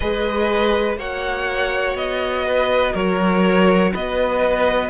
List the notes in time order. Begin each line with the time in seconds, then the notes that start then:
0.00 G#3 G#4 B4 D#5
0.97 A#3 F#4 C#5 F#5
1.95 B3 D#5
2.47 B4
2.93 F#3 A#4 C#5
3.93 B3 B4 D#5